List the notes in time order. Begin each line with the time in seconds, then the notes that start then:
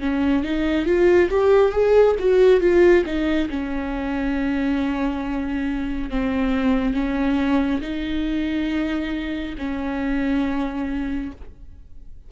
0.00 C#4
0.43 D#4
0.85 F4
1.30 G4
1.72 G#4
2.19 F#4
2.60 F4
3.05 D#4
3.49 C#4
6.10 C4
6.94 C#4
7.81 D#4
9.58 C#4